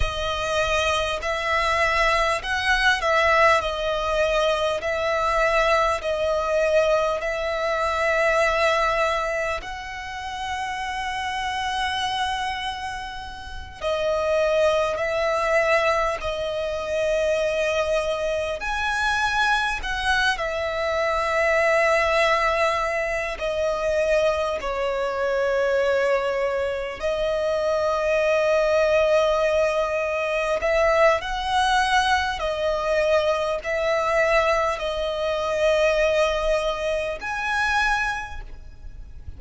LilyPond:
\new Staff \with { instrumentName = "violin" } { \time 4/4 \tempo 4 = 50 dis''4 e''4 fis''8 e''8 dis''4 | e''4 dis''4 e''2 | fis''2.~ fis''8 dis''8~ | dis''8 e''4 dis''2 gis''8~ |
gis''8 fis''8 e''2~ e''8 dis''8~ | dis''8 cis''2 dis''4.~ | dis''4. e''8 fis''4 dis''4 | e''4 dis''2 gis''4 | }